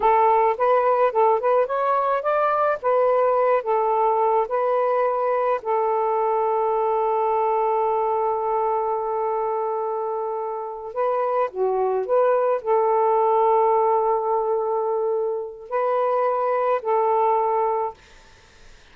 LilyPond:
\new Staff \with { instrumentName = "saxophone" } { \time 4/4 \tempo 4 = 107 a'4 b'4 a'8 b'8 cis''4 | d''4 b'4. a'4. | b'2 a'2~ | a'1~ |
a'2.~ a'8 b'8~ | b'8 fis'4 b'4 a'4.~ | a'1 | b'2 a'2 | }